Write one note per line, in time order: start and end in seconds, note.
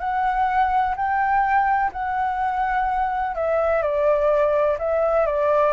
0.00 0.95 F#5
0.97 1.92 G5
1.93 3.35 F#5
3.35 3.83 E5
3.83 4.78 D5
4.79 5.26 E5
5.26 5.73 D5